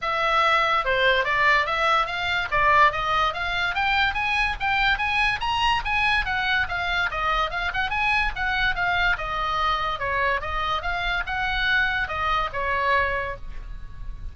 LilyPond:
\new Staff \with { instrumentName = "oboe" } { \time 4/4 \tempo 4 = 144 e''2 c''4 d''4 | e''4 f''4 d''4 dis''4 | f''4 g''4 gis''4 g''4 | gis''4 ais''4 gis''4 fis''4 |
f''4 dis''4 f''8 fis''8 gis''4 | fis''4 f''4 dis''2 | cis''4 dis''4 f''4 fis''4~ | fis''4 dis''4 cis''2 | }